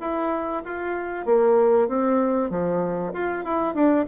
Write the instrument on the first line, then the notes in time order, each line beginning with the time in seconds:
bassoon
0.00 E4
0.64 F4
1.25 A#3
1.88 C4
2.50 F3
3.13 F4
3.44 E4
3.74 D4